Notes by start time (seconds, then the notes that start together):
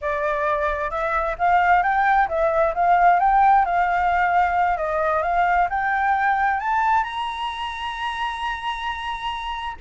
0.01 D5
0.90 E5
1.38 F5
1.82 G5
2.28 E5
2.74 F5
3.19 G5
3.65 F5
4.77 D#5
5.22 F5
5.69 G5
6.60 A5
7.03 A#5